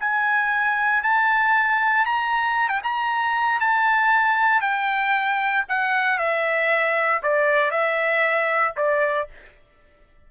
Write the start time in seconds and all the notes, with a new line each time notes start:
0.00 G#5
1.03 A5
2.05 A#5
2.68 G5
2.84 A#5
3.60 A5
4.61 G5
5.69 F#5
6.18 E5
7.23 D5
7.71 E5
8.77 D5